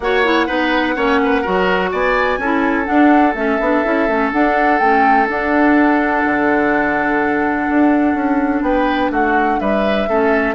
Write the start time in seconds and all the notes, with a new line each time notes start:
0.00 A#3 F#4 C#5 F#5
0.24 E4
0.46 B3 D#4 B4
0.95 A#3 C#4 C#5
1.23 B4
1.41 F#3 F#4 A#4
1.91 B3 D5 G#5
2.38 C#4 E4 A4
2.85 D4 F#5
3.34 A3 C#4 E5
3.60 B3 D4
3.84 C#4 E4
4.08 A3 C#4
4.31 D4 F#5
4.78 A3 C#4 G5
5.27 D4 F#5
6.25 D3
7.69 D4
8.14 C#4
8.61 B3 B4 G5
9.10 A3 F#4 F#5
9.59 G3 B4 E5
10.07 A3 C#4 A4